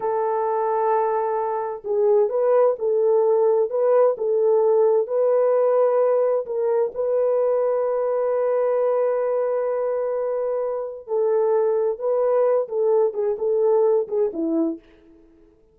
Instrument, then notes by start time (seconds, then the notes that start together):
horn
0.00 A4
1.84 G#4
2.29 B4
2.78 A4
3.70 B4
4.17 A4
5.07 B4
6.46 A#4
6.94 B4
11.07 A4
11.98 B4
12.68 A4
13.13 G#4
13.38 A4
14.08 G#4
14.33 E4